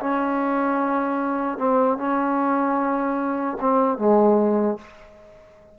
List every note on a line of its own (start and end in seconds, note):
0.00 1.58 C#4
1.58 1.98 C4
1.98 3.58 C#4
3.61 3.98 C4
3.98 4.78 G#3